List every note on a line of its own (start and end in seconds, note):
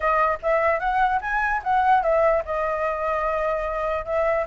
0.00 0.38 D#5
0.42 0.79 E5
0.79 1.20 F#5
1.21 1.61 G#5
1.63 2.02 F#5
2.02 2.43 E5
2.45 4.05 D#5
4.05 4.45 E5